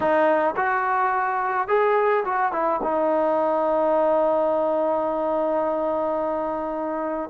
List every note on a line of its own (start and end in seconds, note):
0.00 0.55 D#4
0.56 1.68 F#4
1.68 2.24 G#4
2.25 2.52 F#4
2.52 2.80 E4
2.82 7.30 D#4